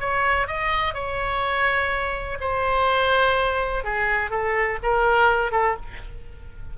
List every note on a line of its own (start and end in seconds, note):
0.00 0.47 C#5
0.47 0.94 D#5
0.94 2.38 C#5
2.40 3.84 C5
3.84 4.30 G#4
4.30 4.78 A4
4.83 5.52 A#4
5.52 5.76 A4